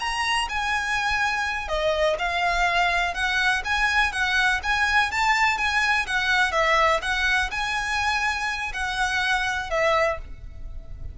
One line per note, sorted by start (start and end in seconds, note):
0.00 0.48 A#5
0.49 1.68 G#5
1.68 2.17 D#5
2.19 3.14 F5
3.14 3.62 F#5
3.65 4.12 G#5
4.12 4.61 F#5
4.63 5.11 G#5
5.11 5.58 A5
5.58 6.06 G#5
6.07 6.52 F#5
6.52 7.01 E5
7.02 7.50 F#5
7.51 8.72 G#5
8.74 9.70 F#5
9.70 10.19 E5